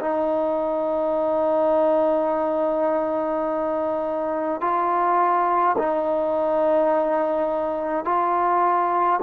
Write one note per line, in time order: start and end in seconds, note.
0.00 4.60 D#4
4.60 5.76 F4
5.77 8.05 D#4
8.05 9.20 F4